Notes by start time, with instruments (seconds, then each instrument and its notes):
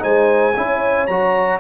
0.00 tuba G#3, trombone D#4, horn C5, trumpet G#5
0.57 tuba C#4, trombone E4, horn C#5
1.07 tuba F#3, trombone F#4, trumpet A#5